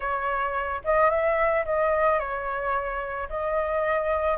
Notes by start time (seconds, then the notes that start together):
0.00 C#5
0.84 D#5
1.10 E5
1.65 D#5
2.19 C#5
3.29 D#5